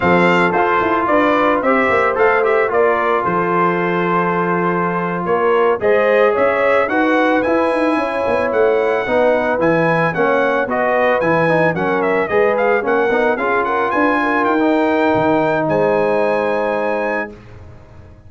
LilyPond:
<<
  \new Staff \with { instrumentName = "trumpet" } { \time 4/4 \tempo 4 = 111 f''4 c''4 d''4 e''4 | f''8 e''8 d''4 c''2~ | c''4.~ c''16 cis''4 dis''4 e''16~ | e''8. fis''4 gis''2 fis''16~ |
fis''4.~ fis''16 gis''4 fis''4 dis''16~ | dis''8. gis''4 fis''8 e''8 dis''8 f''8 fis''16~ | fis''8. f''8 fis''8 gis''4 g''4~ g''16~ | g''4 gis''2. | }
  \new Staff \with { instrumentName = "horn" } { \time 4/4 a'2 b'4 c''4~ | c''4 ais'4 a'2~ | a'4.~ a'16 ais'4 c''4 cis''16~ | cis''8. b'2 cis''4~ cis''16~ |
cis''8. b'2 cis''4 b'16~ | b'4.~ b'16 ais'4 b'4 ais'16~ | ais'8. gis'8 ais'8 b'8 ais'4.~ ais'16~ | ais'4 c''2. | }
  \new Staff \with { instrumentName = "trombone" } { \time 4/4 c'4 f'2 g'4 | a'8 g'8 f'2.~ | f'2~ f'8. gis'4~ gis'16~ | gis'8. fis'4 e'2~ e'16~ |
e'8. dis'4 e'4 cis'4 fis'16~ | fis'8. e'8 dis'8 cis'4 gis'4 cis'16~ | cis'16 dis'8 f'2~ f'16 dis'4~ | dis'1 | }
  \new Staff \with { instrumentName = "tuba" } { \time 4/4 f4 f'8 e'8 d'4 c'8 ais8 | a4 ais4 f2~ | f4.~ f16 ais4 gis4 cis'16~ | cis'8. dis'4 e'8 dis'8 cis'8 b8 a16~ |
a8. b4 e4 ais4 b16~ | b8. e4 fis4 gis4 ais16~ | ais16 b8 cis'4 d'4 dis'4~ dis'16 | dis4 gis2. | }
>>